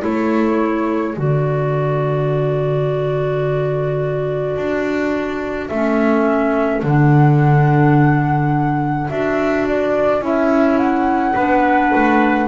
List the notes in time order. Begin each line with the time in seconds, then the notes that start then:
0.00 A3 E4 A4 C#5
1.15 D3 F#4 D5
4.56 D4
5.67 A3 C#4 E5
6.83 D3 D4 F#5
9.08 D4 F#4 E5
9.67 D5
10.21 C#4 E4 E5
10.78 F#5
11.34 B3 D4 B4
11.95 A3